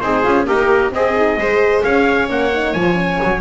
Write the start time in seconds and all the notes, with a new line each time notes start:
0.00 C4 D#4 G#4 C5
0.23 C#4 F4
0.45 A#3 D#4 G4 A#4
0.90 C4 G#4 D#5
1.16 D#4
1.37 G#3 G#4 C5
1.83 C#4 C#5 F5
2.28 A#3 C#4 F#5
2.53 D#4
2.73 F3 F4 G#5
2.94 C#4
3.23 F#3